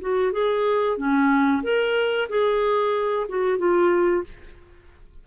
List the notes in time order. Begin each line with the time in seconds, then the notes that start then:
0.00 F#4
0.32 G#4
0.97 C#4
1.62 A#4
2.29 G#4
3.28 F#4
3.58 F4